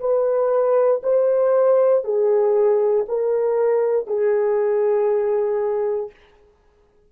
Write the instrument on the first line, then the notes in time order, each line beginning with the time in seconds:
horn
0.00 B4
1.04 C5
2.04 G#4
3.08 A#4
4.08 G#4